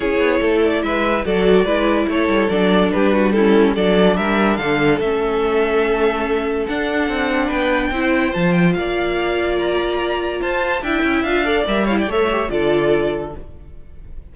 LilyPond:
<<
  \new Staff \with { instrumentName = "violin" } { \time 4/4 \tempo 4 = 144 cis''4. d''8 e''4 d''4~ | d''4 cis''4 d''4 b'4 | a'4 d''4 e''4 f''4 | e''1 |
fis''2 g''2 | a''8 g''8 f''2 ais''4~ | ais''4 a''4 g''4 f''4 | e''8 f''16 g''16 e''4 d''2 | }
  \new Staff \with { instrumentName = "violin" } { \time 4/4 gis'4 a'4 b'4 a'4 | b'4 a'2 g'8 fis'8 | e'4 a'4 ais'4 a'4~ | a'1~ |
a'2 b'4 c''4~ | c''4 d''2.~ | d''4 c''4 e''4. d''8~ | d''8 cis''16 d''16 cis''4 a'2 | }
  \new Staff \with { instrumentName = "viola" } { \time 4/4 e'2. fis'4 | e'2 d'2 | cis'4 d'2. | cis'1 |
d'2. e'4 | f'1~ | f'2 e'4 f'8 a'8 | ais'8 e'8 a'8 g'8 f'2 | }
  \new Staff \with { instrumentName = "cello" } { \time 4/4 cis'8 b8 a4 gis4 fis4 | gis4 a8 g8 fis4 g4~ | g4 fis4 g4 d4 | a1 |
d'4 c'4 b4 c'4 | f4 ais2.~ | ais4 f'4 d'8 cis'8 d'4 | g4 a4 d2 | }
>>